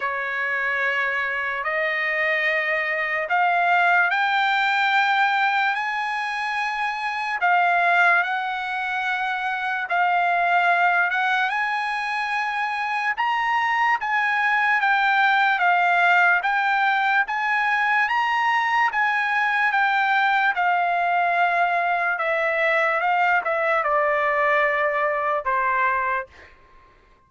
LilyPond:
\new Staff \with { instrumentName = "trumpet" } { \time 4/4 \tempo 4 = 73 cis''2 dis''2 | f''4 g''2 gis''4~ | gis''4 f''4 fis''2 | f''4. fis''8 gis''2 |
ais''4 gis''4 g''4 f''4 | g''4 gis''4 ais''4 gis''4 | g''4 f''2 e''4 | f''8 e''8 d''2 c''4 | }